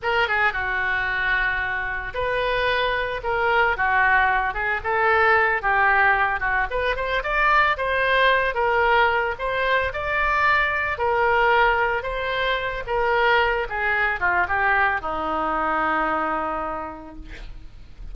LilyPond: \new Staff \with { instrumentName = "oboe" } { \time 4/4 \tempo 4 = 112 ais'8 gis'8 fis'2. | b'2 ais'4 fis'4~ | fis'8 gis'8 a'4. g'4. | fis'8 b'8 c''8 d''4 c''4. |
ais'4. c''4 d''4.~ | d''8 ais'2 c''4. | ais'4. gis'4 f'8 g'4 | dis'1 | }